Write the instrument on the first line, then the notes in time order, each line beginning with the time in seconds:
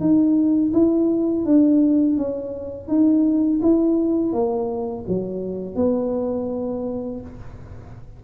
tuba
0.00 D#4
0.73 E4
1.45 D4
2.17 C#4
2.88 D#4
3.62 E4
4.32 A#3
5.08 F#3
5.76 B3